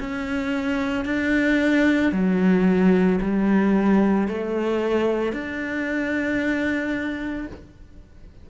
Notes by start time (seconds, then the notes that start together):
0.00 C#4
1.05 D4
2.12 F#3
3.21 G3
4.28 A3
5.33 D4